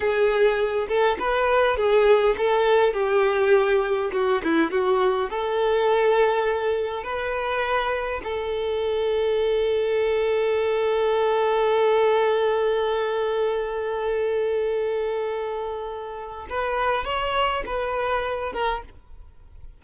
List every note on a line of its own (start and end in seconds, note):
0.00 0.87 G#4
0.88 1.17 A4
1.19 1.76 B4
1.76 2.35 G#4
2.37 2.93 A4
2.93 4.10 G4
4.12 4.41 F#4
4.43 4.71 E4
4.71 5.29 F#4
5.29 7.03 A4
7.03 8.21 B4
8.23 16.47 A4
16.49 17.04 B4
17.04 17.63 C#5
17.66 18.52 B4
18.52 18.82 A#4